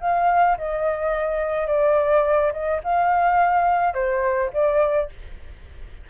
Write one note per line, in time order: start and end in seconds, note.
0.00 0.57 F5
0.57 1.67 D#5
1.67 2.52 D5
2.52 2.80 D#5
2.83 3.93 F5
3.93 4.50 C5
4.53 5.09 D5